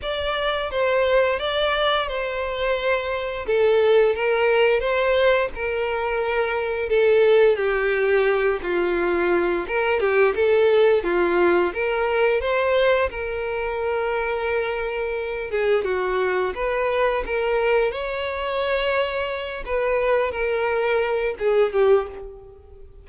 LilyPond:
\new Staff \with { instrumentName = "violin" } { \time 4/4 \tempo 4 = 87 d''4 c''4 d''4 c''4~ | c''4 a'4 ais'4 c''4 | ais'2 a'4 g'4~ | g'8 f'4. ais'8 g'8 a'4 |
f'4 ais'4 c''4 ais'4~ | ais'2~ ais'8 gis'8 fis'4 | b'4 ais'4 cis''2~ | cis''8 b'4 ais'4. gis'8 g'8 | }